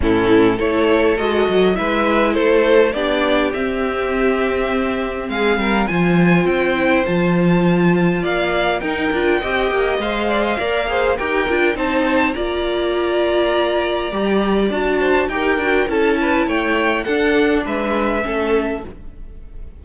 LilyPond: <<
  \new Staff \with { instrumentName = "violin" } { \time 4/4 \tempo 4 = 102 a'4 cis''4 dis''4 e''4 | c''4 d''4 e''2~ | e''4 f''4 gis''4 g''4 | a''2 f''4 g''4~ |
g''4 f''2 g''4 | a''4 ais''2.~ | ais''4 a''4 g''4 a''4 | g''4 fis''4 e''2 | }
  \new Staff \with { instrumentName = "violin" } { \time 4/4 e'4 a'2 b'4 | a'4 g'2.~ | g'4 gis'8 ais'8 c''2~ | c''2 d''4 ais'4 |
dis''4. d''16 dis''16 d''8 c''8 ais'4 | c''4 d''2.~ | d''4. c''8 ais'4 a'8 b'8 | cis''4 a'4 b'4 a'4 | }
  \new Staff \with { instrumentName = "viola" } { \time 4/4 cis'4 e'4 fis'4 e'4~ | e'4 d'4 c'2~ | c'2 f'4. e'8 | f'2. dis'8 f'8 |
g'4 c''4 ais'8 gis'8 g'8 f'8 | dis'4 f'2. | g'4 fis'4 g'8 fis'8 e'4~ | e'4 d'2 cis'4 | }
  \new Staff \with { instrumentName = "cello" } { \time 4/4 a,4 a4 gis8 fis8 gis4 | a4 b4 c'2~ | c'4 gis8 g8 f4 c'4 | f2 ais4 dis'8 d'8 |
c'8 ais8 gis4 ais4 dis'8 d'8 | c'4 ais2. | g4 d'4 dis'8 d'8 cis'4 | a4 d'4 gis4 a4 | }
>>